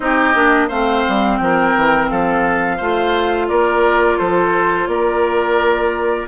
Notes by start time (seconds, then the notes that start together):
0.00 C4 D#4 G4 D#5
0.34 A#3 D4
0.68 A3 C4 C5 F5
1.08 G3
1.37 F3 G5
1.43 A#4
1.76 E3
2.09 F3 A4 F5
2.77 A3 F4 C5
3.48 A#3 A#4 D5
4.18 F3 A4 C5
4.87 A#3 A#4 D5